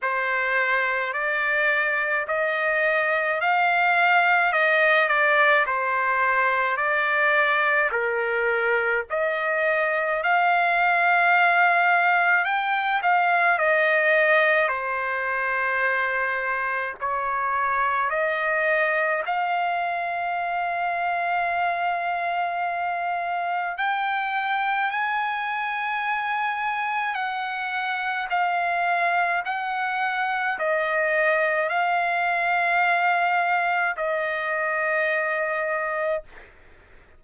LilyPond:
\new Staff \with { instrumentName = "trumpet" } { \time 4/4 \tempo 4 = 53 c''4 d''4 dis''4 f''4 | dis''8 d''8 c''4 d''4 ais'4 | dis''4 f''2 g''8 f''8 | dis''4 c''2 cis''4 |
dis''4 f''2.~ | f''4 g''4 gis''2 | fis''4 f''4 fis''4 dis''4 | f''2 dis''2 | }